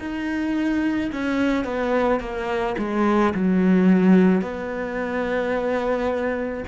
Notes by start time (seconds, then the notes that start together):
0.00 D#4
1.13 C#4
1.65 B3
2.20 A#3
2.78 G#3
3.34 F#3
4.42 B3